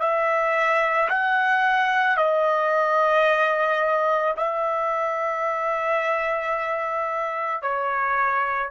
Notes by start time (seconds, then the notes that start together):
0.00 E5
1.09 F#5
2.17 D#5
4.37 E5
7.62 C#5